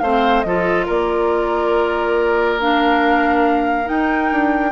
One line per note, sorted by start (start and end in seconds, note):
0.00 0.45 A3
0.00 0.47 C4
0.00 0.46 C5
0.00 0.42 F5
0.42 0.88 F3
0.42 2.61 F4
0.42 0.86 A4
0.42 0.85 D#5
0.86 3.89 A#3
0.86 4.72 A#4
0.86 2.61 D5
2.61 3.85 D4
2.61 3.88 F5
3.85 4.71 D#4
3.85 4.32 D#4
3.85 4.73 G5
4.32 4.73 D4